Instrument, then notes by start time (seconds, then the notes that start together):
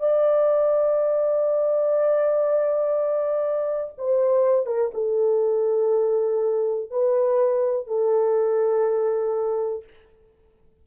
horn
0.00 D5
3.98 C5
4.67 A#4
4.94 A4
6.91 B4
7.87 A4